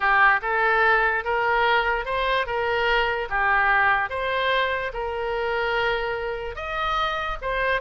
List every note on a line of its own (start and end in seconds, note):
0.00 0.40 G4
0.42 1.24 A4
1.24 2.05 A#4
2.05 2.46 C5
2.46 3.28 A#4
3.29 4.09 G4
4.09 4.91 C5
4.93 6.55 A#4
6.55 7.37 D#5
7.41 7.81 C5